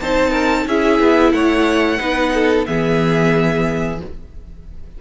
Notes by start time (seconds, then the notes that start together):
0.00 C4 D#4 C5 A5
0.30 A#4
0.66 C#4 E4 G#4 E5
0.99 B3
1.32 A3 C#5 F#5
1.98 B3 D#4 B4
2.34 A4
2.65 E3 B3 G#4 E5